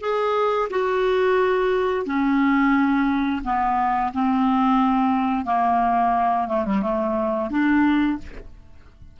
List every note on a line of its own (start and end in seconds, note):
0.00 0.68 G#4
0.70 2.05 F#4
2.05 3.42 C#4
3.44 4.12 B3
4.13 5.45 C4
5.45 6.47 A#3
6.47 6.64 A3
6.64 6.82 G3
6.82 7.50 A3
7.50 8.18 D4